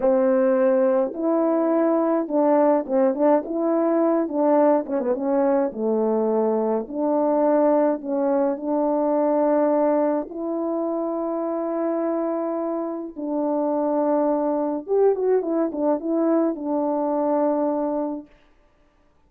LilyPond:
\new Staff \with { instrumentName = "horn" } { \time 4/4 \tempo 4 = 105 c'2 e'2 | d'4 c'8 d'8 e'4. d'8~ | d'8 cis'16 b16 cis'4 a2 | d'2 cis'4 d'4~ |
d'2 e'2~ | e'2. d'4~ | d'2 g'8 fis'8 e'8 d'8 | e'4 d'2. | }